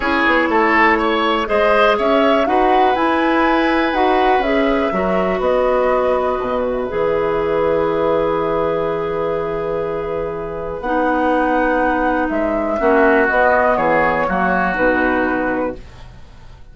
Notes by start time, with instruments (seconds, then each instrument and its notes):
0.00 bassoon C#4, clarinet E4, oboe G#4, flute C#5
0.26 bassoon B3
0.48 bassoon A3, oboe A4
0.98 oboe C#5
1.45 bassoon G#3, clarinet G#4, oboe C5, flute D#5
1.98 bassoon C#4, oboe C#5, flute E5
2.46 bassoon D#4, clarinet F#4, oboe B4, flute F#5
2.95 bassoon E4, clarinet E4, flute G#5
3.92 bassoon D#4, clarinet F#4, flute F#5
4.39 bassoon C#4, clarinet G#4, flute E5
4.91 bassoon F#3, clarinet F#4, oboe A#4
5.38 bassoon B3, oboe B4, flute D#5
6.39 bassoon B2
6.63 flute E5
6.88 bassoon E3, clarinet G#4
10.80 bassoon B3, clarinet D#4, flute F#5
12.29 bassoon G#3, flute E5
12.78 bassoon A#3, clarinet C#4, oboe F#4
13.28 bassoon B3, clarinet B3, flute D#5
13.76 bassoon E3, oboe G#4, flute C#5
14.27 bassoon F#3, clarinet A#3, oboe F#4
14.74 bassoon B2, clarinet D#4, flute B4